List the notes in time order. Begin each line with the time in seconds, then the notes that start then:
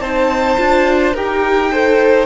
0.00 C4 D#4 C5 A5
0.57 D4 F4
1.14 D#4 G4 A#4 G5
1.72 A4 C5